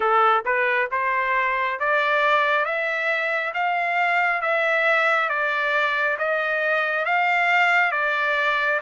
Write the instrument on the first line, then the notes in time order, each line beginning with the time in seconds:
trumpet
0.00 A4
0.45 B4
0.91 C5
1.79 D5
2.65 E5
3.53 F5
4.41 E5
5.29 D5
6.18 D#5
7.05 F5
7.91 D5